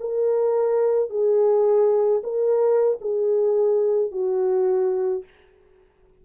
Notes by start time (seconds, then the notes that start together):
0.00 A#4
1.09 G#4
2.23 A#4
3.00 G#4
4.11 F#4